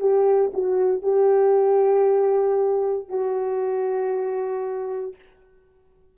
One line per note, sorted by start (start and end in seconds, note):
0.00 0.52 G4
0.53 1.02 F#4
1.02 3.08 G4
3.08 5.15 F#4